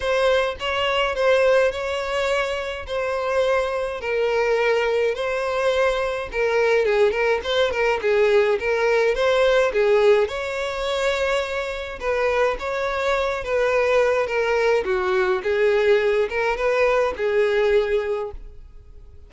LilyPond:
\new Staff \with { instrumentName = "violin" } { \time 4/4 \tempo 4 = 105 c''4 cis''4 c''4 cis''4~ | cis''4 c''2 ais'4~ | ais'4 c''2 ais'4 | gis'8 ais'8 c''8 ais'8 gis'4 ais'4 |
c''4 gis'4 cis''2~ | cis''4 b'4 cis''4. b'8~ | b'4 ais'4 fis'4 gis'4~ | gis'8 ais'8 b'4 gis'2 | }